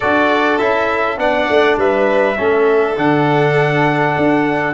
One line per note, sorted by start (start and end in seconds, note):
0.00 0.60 D4
0.00 0.60 F#4
0.00 1.18 A4
0.00 0.58 D5
0.58 1.18 C#4
0.58 1.17 E4
0.58 1.18 E5
1.17 1.48 B3
1.17 2.36 D4
1.17 1.79 D5
1.17 1.78 F#5
1.49 1.77 A3
1.77 2.36 G3
1.77 2.37 B4
1.77 2.98 E5
2.36 2.97 A3
2.36 2.96 C#4
2.36 4.74 A4
2.97 4.15 D3
2.97 4.74 D4
2.97 4.74 F#5
4.17 4.74 D4